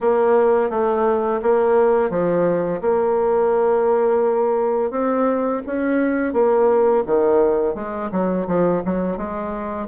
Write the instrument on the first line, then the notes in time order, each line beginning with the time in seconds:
bassoon
0.01 A#3
0.70 A3
1.42 A#3
2.10 F3
2.81 A#3
4.91 C4
5.66 C#4
6.33 A#3
7.06 D#3
7.74 G#3
8.11 F#3
8.47 F3
8.85 F#3
9.17 G#3